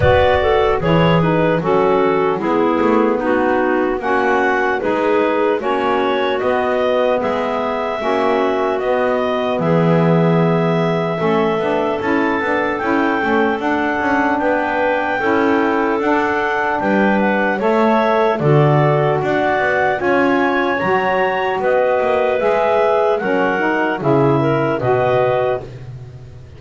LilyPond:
<<
  \new Staff \with { instrumentName = "clarinet" } { \time 4/4 \tempo 4 = 75 d''4 cis''8 b'8 a'4 gis'4 | fis'4 fis''4 b'4 cis''4 | dis''4 e''2 dis''4 | e''2. a''4 |
g''4 fis''4 g''2 | fis''4 g''8 fis''8 e''4 d''4 | fis''4 gis''4 ais''4 dis''4 | e''4 fis''4 e''4 dis''4 | }
  \new Staff \with { instrumentName = "clarinet" } { \time 4/4 b'8 a'8 gis'4 fis'4 e'4 | dis'4 fis'4 gis'4 fis'4~ | fis'4 gis'4 fis'2 | gis'2 a'2~ |
a'2 b'4 a'4~ | a'4 b'4 cis''4 a'4 | d''4 cis''2 b'4~ | b'4 ais'4 gis'8 ais'8 b'4 | }
  \new Staff \with { instrumentName = "saxophone" } { \time 4/4 fis'4 e'8 dis'8 cis'4 b4~ | b4 cis'4 dis'4 cis'4 | b2 cis'4 b4~ | b2 cis'8 d'8 e'8 d'8 |
e'8 cis'8 d'2 e'4 | d'2 a'4 fis'4~ | fis'4 f'4 fis'2 | gis'4 cis'8 dis'8 e'4 fis'4 | }
  \new Staff \with { instrumentName = "double bass" } { \time 4/4 b4 e4 fis4 gis8 a8 | b4 ais4 gis4 ais4 | b4 gis4 ais4 b4 | e2 a8 b8 cis'8 b8 |
cis'8 a8 d'8 cis'8 b4 cis'4 | d'4 g4 a4 d4 | d'8 b8 cis'4 fis4 b8 ais8 | gis4 fis4 cis4 b,4 | }
>>